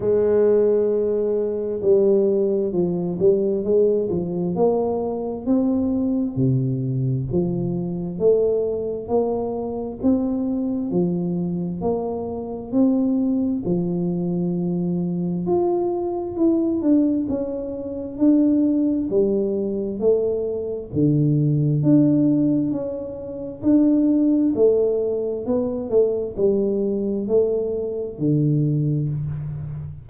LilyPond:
\new Staff \with { instrumentName = "tuba" } { \time 4/4 \tempo 4 = 66 gis2 g4 f8 g8 | gis8 f8 ais4 c'4 c4 | f4 a4 ais4 c'4 | f4 ais4 c'4 f4~ |
f4 f'4 e'8 d'8 cis'4 | d'4 g4 a4 d4 | d'4 cis'4 d'4 a4 | b8 a8 g4 a4 d4 | }